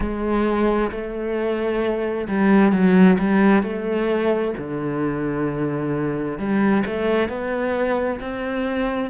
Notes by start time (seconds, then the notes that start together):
0.00 G#3
0.91 A3
2.28 G3
2.71 F#3
3.18 G3
3.62 A3
4.57 D3
6.38 G3
6.86 A3
7.29 B3
8.20 C4